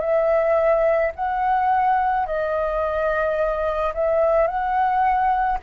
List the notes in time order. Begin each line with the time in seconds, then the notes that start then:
0.00 E5
1.15 F#5
2.26 D#5
3.94 E5
4.47 F#5